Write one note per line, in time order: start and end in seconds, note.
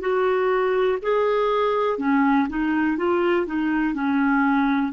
0.00 0.98 F#4
1.02 1.98 G#4
1.98 2.47 C#4
2.49 2.97 D#4
2.97 3.46 F4
3.46 3.94 D#4
3.94 4.92 C#4